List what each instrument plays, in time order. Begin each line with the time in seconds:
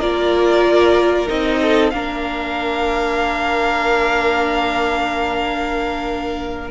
0.00 cello A#3, viola F4, violin A#4 D5
1.28 cello C4, viola D#4, violin D#5
1.62 violin A4
1.91 cello A#3, viola D4, violin A#4 F5